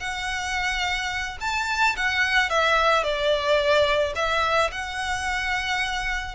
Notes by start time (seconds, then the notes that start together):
0.00 F#5
1.41 A5
1.97 F#5
2.50 E5
3.04 D5
4.15 E5
4.72 F#5